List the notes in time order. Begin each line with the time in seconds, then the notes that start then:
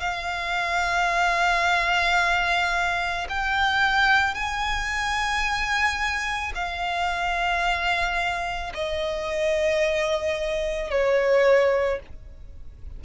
0.00 F5
3.29 G5
4.34 G#5
6.55 F5
8.74 D#5
10.90 C#5